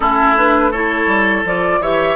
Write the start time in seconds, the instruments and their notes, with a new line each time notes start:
0.00 bassoon A3, clarinet C#4, oboe E4, flute A4
0.36 clarinet D4, flute B4
0.71 clarinet E4, oboe A4, flute C#5
1.06 bassoon G3
1.44 bassoon F3, clarinet F4, flute D5
1.80 bassoon E3, clarinet G4, oboe C#5, flute E5